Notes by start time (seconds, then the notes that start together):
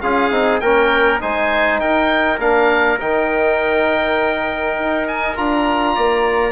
0.00 C#4 F4 G#4 F5
0.31 C4 D#4
0.60 A#3 C#4 A#4 G5
1.20 G#3 D#4 C5 G#5
1.80 D#4 A#4 G5
2.38 A#3 D4 F5
2.99 D#3 D#4 G5
4.78 D#4
5.07 G#5
5.36 D4 F4 A#5
5.95 A#3 D5